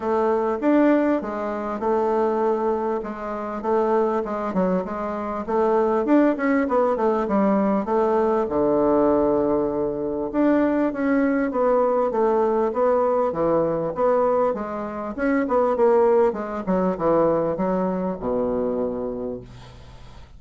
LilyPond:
\new Staff \with { instrumentName = "bassoon" } { \time 4/4 \tempo 4 = 99 a4 d'4 gis4 a4~ | a4 gis4 a4 gis8 fis8 | gis4 a4 d'8 cis'8 b8 a8 | g4 a4 d2~ |
d4 d'4 cis'4 b4 | a4 b4 e4 b4 | gis4 cis'8 b8 ais4 gis8 fis8 | e4 fis4 b,2 | }